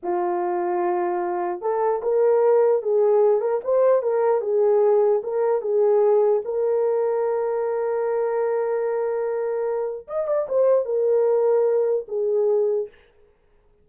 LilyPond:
\new Staff \with { instrumentName = "horn" } { \time 4/4 \tempo 4 = 149 f'1 | a'4 ais'2 gis'4~ | gis'8 ais'8 c''4 ais'4 gis'4~ | gis'4 ais'4 gis'2 |
ais'1~ | ais'1~ | ais'4 dis''8 d''8 c''4 ais'4~ | ais'2 gis'2 | }